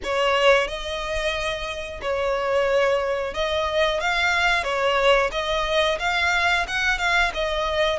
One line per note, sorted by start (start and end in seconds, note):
0.03 0.67 C#5
0.67 2.00 D#5
2.01 3.34 C#5
3.34 4.00 D#5
4.00 4.63 F5
4.63 5.30 C#5
5.32 5.98 D#5
5.99 6.65 F5
6.67 6.98 F#5
6.98 7.31 F5
7.34 7.99 D#5